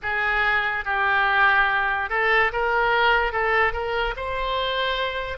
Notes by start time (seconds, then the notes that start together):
0.02 G#4
0.84 G4
2.09 A4
2.52 A#4
3.32 A4
3.72 A#4
4.16 C5